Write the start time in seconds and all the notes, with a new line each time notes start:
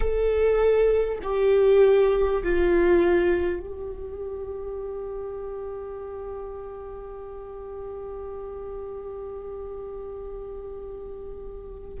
0.00 A4
1.23 G4
2.43 F4
3.59 G4